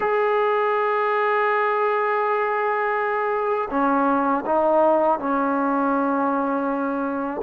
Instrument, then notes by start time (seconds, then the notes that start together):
trombone
0.00 G#4
3.70 C#4
4.45 D#4
5.19 C#4